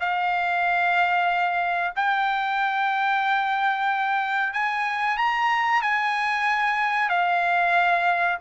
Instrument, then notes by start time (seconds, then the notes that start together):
trumpet
0.00 F5
1.95 G5
4.53 G#5
5.17 A#5
5.82 G#5
7.09 F5